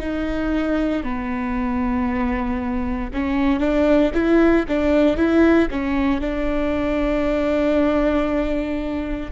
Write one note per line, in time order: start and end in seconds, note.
0.00 1.03 D#4
1.03 3.10 B3
3.14 3.60 C#4
3.60 4.11 D4
4.14 4.66 E4
4.68 5.17 D4
5.17 5.68 E4
5.71 6.21 C#4
6.21 9.31 D4